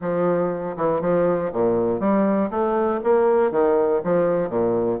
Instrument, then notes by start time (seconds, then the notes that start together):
bassoon
0.01 F3
0.77 E3
1.01 F3
1.52 A#2
2.00 G3
2.50 A3
3.03 A#3
3.51 D#3
4.04 F3
4.49 A#2